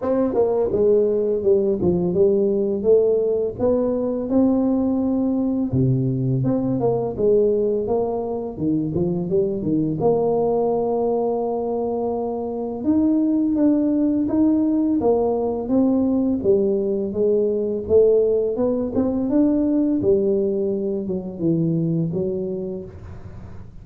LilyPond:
\new Staff \with { instrumentName = "tuba" } { \time 4/4 \tempo 4 = 84 c'8 ais8 gis4 g8 f8 g4 | a4 b4 c'2 | c4 c'8 ais8 gis4 ais4 | dis8 f8 g8 dis8 ais2~ |
ais2 dis'4 d'4 | dis'4 ais4 c'4 g4 | gis4 a4 b8 c'8 d'4 | g4. fis8 e4 fis4 | }